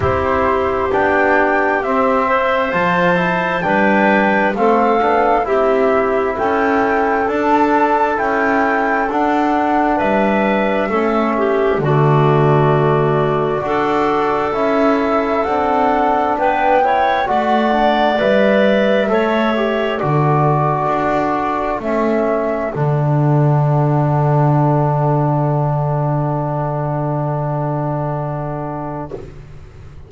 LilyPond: <<
  \new Staff \with { instrumentName = "flute" } { \time 4/4 \tempo 4 = 66 c''4 g''4 e''4 a''4 | g''4 f''4 e''4 g''4 | a''4 g''4 fis''4 e''4~ | e''4 d''2. |
e''4 fis''4 g''4 fis''4 | e''2 d''2 | e''4 fis''2.~ | fis''1 | }
  \new Staff \with { instrumentName = "clarinet" } { \time 4/4 g'2~ g'8 c''4. | b'4 a'4 g'4 a'4~ | a'2. b'4 | a'8 g'8 fis'2 a'4~ |
a'2 b'8 cis''8 d''4~ | d''4 cis''4 a'2~ | a'1~ | a'1 | }
  \new Staff \with { instrumentName = "trombone" } { \time 4/4 e'4 d'4 c'4 f'8 e'8 | d'4 c'8 d'8 e'2 | d'4 e'4 d'2 | cis'4 a2 fis'4 |
e'4 d'4. e'8 fis'8 d'8 | b'4 a'8 g'8 fis'2 | cis'4 d'2.~ | d'1 | }
  \new Staff \with { instrumentName = "double bass" } { \time 4/4 c'4 b4 c'4 f4 | g4 a8 b8 c'4 cis'4 | d'4 cis'4 d'4 g4 | a4 d2 d'4 |
cis'4 c'4 b4 a4 | g4 a4 d4 d'4 | a4 d2.~ | d1 | }
>>